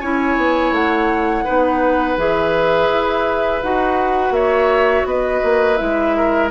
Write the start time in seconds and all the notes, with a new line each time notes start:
0.00 C#4 E4 C#5 G#5
0.37 B3
0.71 A3 F#5
1.44 B3 D#4 B4
2.17 E3 G#4 E5
2.89 E4
3.63 D#4 F#4 F#5
4.30 A#3 C#5 E5
5.05 B3 B4 D#5
5.43 A#3
5.77 G#3 E4 E5
6.16 A#4